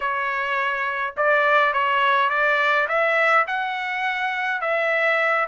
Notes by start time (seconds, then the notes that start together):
0.00 C#5
1.17 D5
1.73 C#5
2.29 D5
2.88 E5
3.47 F#5
4.61 E5